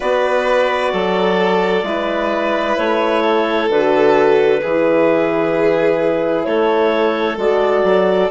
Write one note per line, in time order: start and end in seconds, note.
0.00 0.93 B3
0.00 1.84 F#4
0.00 0.91 B4
0.00 2.77 D5
0.92 1.82 F#3
0.92 1.85 A4
1.82 2.75 G#3
1.82 3.68 E4
1.82 3.22 B4
2.77 3.69 A3
2.77 3.69 C#5
3.22 4.60 A4
3.69 4.61 D3
3.69 4.61 F#4
3.69 6.43 B4
4.62 6.46 E3
4.62 7.38 E4
4.62 6.46 G#4
6.43 7.37 A3
6.43 8.30 A4
6.43 7.36 C#5
7.37 7.83 G#3
7.37 8.30 F#4
7.37 8.30 D5
7.83 8.29 F#3